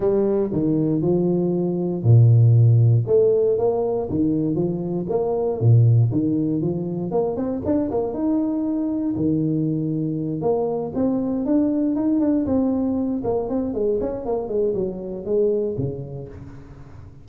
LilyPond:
\new Staff \with { instrumentName = "tuba" } { \time 4/4 \tempo 4 = 118 g4 dis4 f2 | ais,2 a4 ais4 | dis4 f4 ais4 ais,4 | dis4 f4 ais8 c'8 d'8 ais8 |
dis'2 dis2~ | dis8 ais4 c'4 d'4 dis'8 | d'8 c'4. ais8 c'8 gis8 cis'8 | ais8 gis8 fis4 gis4 cis4 | }